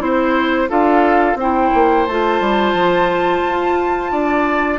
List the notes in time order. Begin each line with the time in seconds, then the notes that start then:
0.00 C4 E4 C5
0.69 D4 F4 A4 F5
1.35 C4 E4 C5 G5
1.74 A#3
2.06 A3 F4 A5
2.40 G3
2.73 F3
3.45 F4
4.12 D4 D5